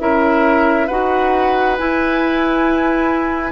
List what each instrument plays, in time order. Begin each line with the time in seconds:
0.00 bassoon C#4, clarinet E4, oboe A#4, flute E5
0.87 bassoon D#4, clarinet F#4, oboe B4, flute F#5
1.78 clarinet E4, bassoon E4, flute G#5